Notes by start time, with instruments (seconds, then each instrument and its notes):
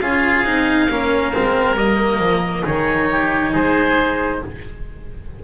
0.00 double bass C#4, cello F4, oboe G#4 F5
0.45 double bass C4, cello D#4
0.90 double bass A#3, cello C#4, oboe A#4
1.33 double bass G#3, cello C4
1.75 double bass G3, cello A#3, oboe D#5
2.19 double bass F3
2.63 double bass D#3, cello D#4, oboe G#4 C#5
3.11 oboe G4
3.52 double bass G#3, oboe G#4 C5